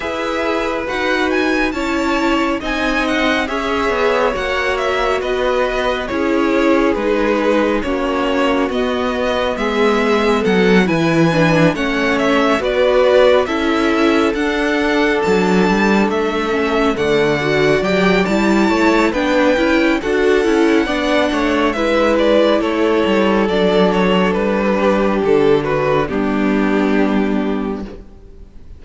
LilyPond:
<<
  \new Staff \with { instrumentName = "violin" } { \time 4/4 \tempo 4 = 69 e''4 fis''8 gis''8 a''4 gis''8 fis''8 | e''4 fis''8 e''8 dis''4 cis''4 | b'4 cis''4 dis''4 e''4 | fis''8 gis''4 fis''8 e''8 d''4 e''8~ |
e''8 fis''4 a''4 e''4 fis''8~ | fis''8 g''8 a''4 g''4 fis''4~ | fis''4 e''8 d''8 cis''4 d''8 cis''8 | b'4 a'8 b'8 g'2 | }
  \new Staff \with { instrumentName = "violin" } { \time 4/4 b'2 cis''4 dis''4 | cis''2 b'4 gis'4~ | gis'4 fis'2 gis'4 | a'8 b'4 cis''4 b'4 a'8~ |
a'2.~ a'8 d''8~ | d''4. cis''8 b'4 a'4 | d''8 cis''8 b'4 a'2~ | a'8 g'4 fis'8 d'2 | }
  \new Staff \with { instrumentName = "viola" } { \time 4/4 gis'4 fis'4 e'4 dis'4 | gis'4 fis'2 e'4 | dis'4 cis'4 b2~ | b8 e'8 d'8 cis'4 fis'4 e'8~ |
e'8 d'2~ d'8 cis'8 a8 | fis'8 g'8 e'4 d'8 e'8 fis'8 e'8 | d'4 e'2 d'4~ | d'2 b2 | }
  \new Staff \with { instrumentName = "cello" } { \time 4/4 e'4 dis'4 cis'4 c'4 | cis'8 b8 ais4 b4 cis'4 | gis4 ais4 b4 gis4 | fis8 e4 a4 b4 cis'8~ |
cis'8 d'4 fis8 g8 a4 d8~ | d8 fis8 g8 a8 b8 cis'8 d'8 cis'8 | b8 a8 gis4 a8 g8 fis4 | g4 d4 g2 | }
>>